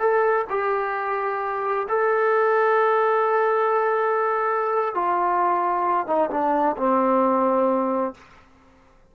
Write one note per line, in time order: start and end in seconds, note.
0.00 0.46 A4
0.50 1.88 G4
1.89 4.95 A4
4.95 6.07 F4
6.07 6.30 D#4
6.31 6.76 D4
6.77 8.15 C4